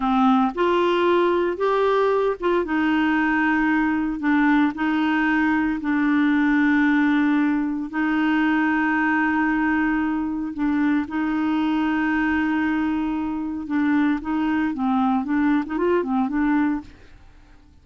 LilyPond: \new Staff \with { instrumentName = "clarinet" } { \time 4/4 \tempo 4 = 114 c'4 f'2 g'4~ | g'8 f'8 dis'2. | d'4 dis'2 d'4~ | d'2. dis'4~ |
dis'1 | d'4 dis'2.~ | dis'2 d'4 dis'4 | c'4 d'8. dis'16 f'8 c'8 d'4 | }